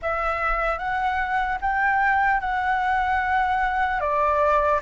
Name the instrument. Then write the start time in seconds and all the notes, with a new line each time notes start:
flute
0.02 E5
0.78 F#5
1.61 G5
2.40 F#5
4.00 D5